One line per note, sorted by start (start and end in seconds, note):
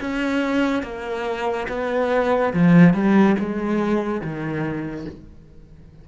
0.00 0.83 C#4
0.83 1.67 A#3
1.68 2.53 B3
2.53 2.93 F3
2.93 3.36 G3
3.39 4.21 G#3
4.21 5.06 D#3